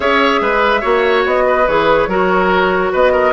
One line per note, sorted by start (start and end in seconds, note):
0.00 0.40 C#4
0.00 0.81 G#4
0.00 0.40 C#5
0.00 1.23 E5
0.40 0.82 G#3
0.40 0.80 B4
0.80 1.25 A#3
0.80 1.64 F#4
0.80 1.43 C#5
1.25 1.67 B3
1.25 1.67 D#5
1.47 2.09 B4
1.67 2.07 E3
1.67 2.09 G#4
1.67 2.92 C#5
2.07 2.90 F#3
2.07 3.32 F#4
2.07 2.92 A#4
2.92 3.32 B3
2.92 3.12 B4
2.92 3.32 D#5
3.12 3.32 A#4